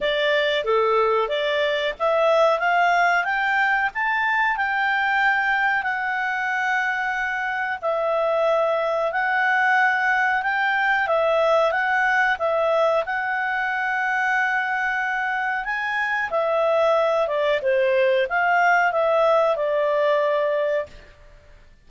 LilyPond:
\new Staff \with { instrumentName = "clarinet" } { \time 4/4 \tempo 4 = 92 d''4 a'4 d''4 e''4 | f''4 g''4 a''4 g''4~ | g''4 fis''2. | e''2 fis''2 |
g''4 e''4 fis''4 e''4 | fis''1 | gis''4 e''4. d''8 c''4 | f''4 e''4 d''2 | }